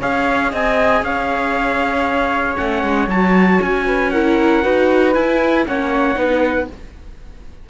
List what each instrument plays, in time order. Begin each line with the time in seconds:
0.00 cello C#4, viola G#4, flute C#5, trumpet F5
0.52 cello C4, flute D#5, trumpet G#5
1.03 cello C#4, flute C#5, trumpet F5
2.57 cello A3, viola C#4, trumpet F#5
2.83 cello G#3
3.08 cello F#3, viola F#4, trumpet A5
3.62 cello C#4, trumpet G#5
3.87 flute B4
4.12 viola E4, flute A#4, trumpet F#5
4.63 cello D#4, viola F#4, flute B4
5.14 viola E4, cello E4, trumpet G#5
5.68 cello A#3, viola C#4, flute C#5, trumpet F#5
6.16 cello B3, viola D#4, flute B4